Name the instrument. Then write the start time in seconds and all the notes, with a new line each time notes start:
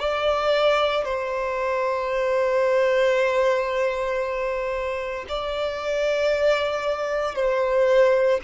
violin
0.00 D5
1.05 C5
5.29 D5
7.35 C5